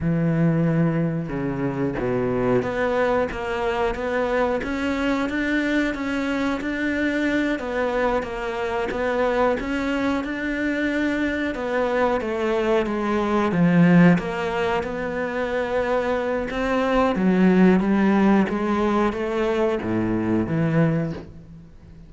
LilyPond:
\new Staff \with { instrumentName = "cello" } { \time 4/4 \tempo 4 = 91 e2 cis4 b,4 | b4 ais4 b4 cis'4 | d'4 cis'4 d'4. b8~ | b8 ais4 b4 cis'4 d'8~ |
d'4. b4 a4 gis8~ | gis8 f4 ais4 b4.~ | b4 c'4 fis4 g4 | gis4 a4 a,4 e4 | }